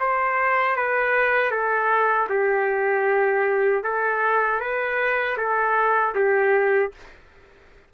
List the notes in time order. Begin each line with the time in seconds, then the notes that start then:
0.00 C5
0.77 B4
1.51 A4
2.30 G4
3.84 A4
4.60 B4
5.38 A4
6.15 G4